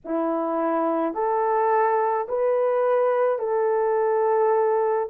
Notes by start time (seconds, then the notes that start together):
0.04 E4
1.13 A4
2.28 B4
3.39 A4